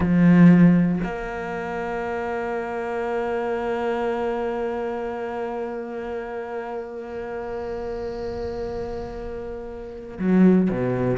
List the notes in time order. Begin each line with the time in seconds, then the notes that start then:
0.00 F3
1.03 A#3
10.18 F#3
10.70 B2